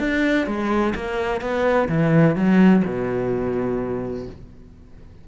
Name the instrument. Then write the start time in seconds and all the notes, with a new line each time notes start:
cello
0.00 D4
0.47 G#3
0.95 A#3
1.42 B3
1.89 E3
2.36 F#3
2.85 B2